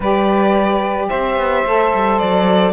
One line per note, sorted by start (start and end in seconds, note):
0.00 1.09 G3
0.00 1.67 G4
0.00 1.07 B4
0.00 1.09 D5
1.08 1.37 C4
1.08 2.73 C5
1.08 2.18 E5
1.37 1.64 B3
1.65 1.92 A3
1.65 2.73 A4
1.93 2.21 G3
2.18 2.73 F#3
2.18 2.73 D5